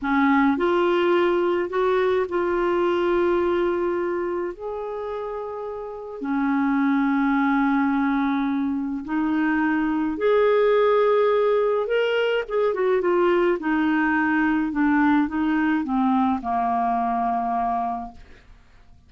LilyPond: \new Staff \with { instrumentName = "clarinet" } { \time 4/4 \tempo 4 = 106 cis'4 f'2 fis'4 | f'1 | gis'2. cis'4~ | cis'1 |
dis'2 gis'2~ | gis'4 ais'4 gis'8 fis'8 f'4 | dis'2 d'4 dis'4 | c'4 ais2. | }